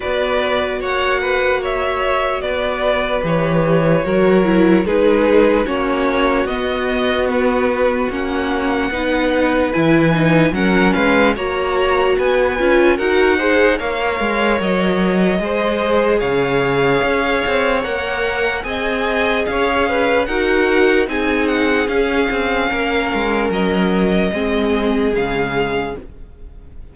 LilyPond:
<<
  \new Staff \with { instrumentName = "violin" } { \time 4/4 \tempo 4 = 74 d''4 fis''4 e''4 d''4 | cis''2 b'4 cis''4 | dis''4 b'4 fis''2 | gis''4 fis''8 f''8 ais''4 gis''4 |
fis''4 f''4 dis''2 | f''2 fis''4 gis''4 | f''4 fis''4 gis''8 fis''8 f''4~ | f''4 dis''2 f''4 | }
  \new Staff \with { instrumentName = "violin" } { \time 4/4 b'4 cis''8 b'8 cis''4 b'4~ | b'4 ais'4 gis'4 fis'4~ | fis'2. b'4~ | b'4 ais'8 b'8 cis''4 b'4 |
ais'8 c''8 cis''2 c''4 | cis''2. dis''4 | cis''8 b'8 ais'4 gis'2 | ais'2 gis'2 | }
  \new Staff \with { instrumentName = "viola" } { \time 4/4 fis'1 | g'4 fis'8 e'8 dis'4 cis'4 | b2 cis'4 dis'4 | e'8 dis'8 cis'4 fis'4. f'8 |
fis'8 gis'8 ais'2 gis'4~ | gis'2 ais'4 gis'4~ | gis'4 fis'4 dis'4 cis'4~ | cis'2 c'4 gis4 | }
  \new Staff \with { instrumentName = "cello" } { \time 4/4 b4 ais2 b4 | e4 fis4 gis4 ais4 | b2 ais4 b4 | e4 fis8 gis8 ais4 b8 cis'8 |
dis'4 ais8 gis8 fis4 gis4 | cis4 cis'8 c'8 ais4 c'4 | cis'4 dis'4 c'4 cis'8 c'8 | ais8 gis8 fis4 gis4 cis4 | }
>>